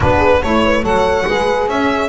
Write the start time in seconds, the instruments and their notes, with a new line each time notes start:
0.00 double bass B3, saxophone D4, horn F#4, violin B4
0.17 horn G#4
0.42 double bass A3, saxophone E4, horn A4, violin C#5
0.64 horn B4
0.82 double bass F#3, saxophone A4, horn C#5, violin F#5
1.26 double bass G#3, saxophone G#4, horn B4
1.67 double bass C#4, horn C#5, violin E5